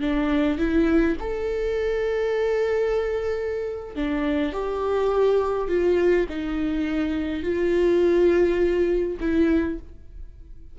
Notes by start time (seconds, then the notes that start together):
0.00 D4
0.58 E4
1.19 A4
3.95 D4
4.52 G4
5.68 F4
6.29 D#4
7.43 F4
9.20 E4